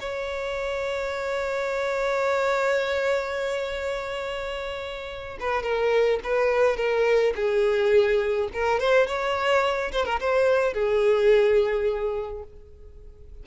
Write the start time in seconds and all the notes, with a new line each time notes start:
0.00 C#5
5.40 B4
5.63 A#4
6.24 B4
6.77 A#4
7.35 G#4
8.53 A#4
8.79 C5
9.06 C#5
9.92 C5
10.05 A#4
10.20 C5
10.73 G#4